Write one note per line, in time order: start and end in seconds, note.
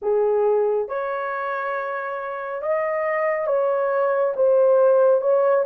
0.02 0.88 G#4
0.88 2.61 C#5
2.61 3.46 D#5
3.46 4.33 C#5
4.36 5.21 C5
5.21 5.64 C#5